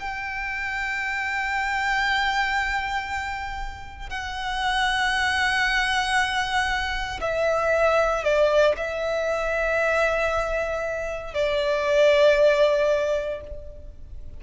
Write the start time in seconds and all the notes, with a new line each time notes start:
0.00 G5
4.10 F#5
7.21 E5
8.24 D5
8.77 E5
11.34 D5